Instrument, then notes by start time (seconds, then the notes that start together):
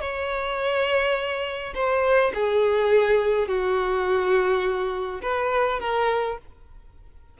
violin
0.00 C#5
1.74 C5
2.34 G#4
3.47 F#4
5.22 B4
5.80 A#4